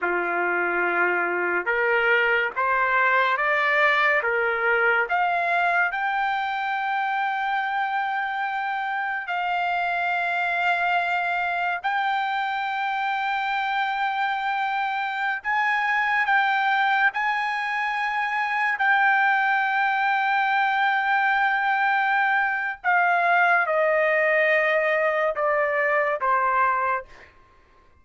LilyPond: \new Staff \with { instrumentName = "trumpet" } { \time 4/4 \tempo 4 = 71 f'2 ais'4 c''4 | d''4 ais'4 f''4 g''4~ | g''2. f''4~ | f''2 g''2~ |
g''2~ g''16 gis''4 g''8.~ | g''16 gis''2 g''4.~ g''16~ | g''2. f''4 | dis''2 d''4 c''4 | }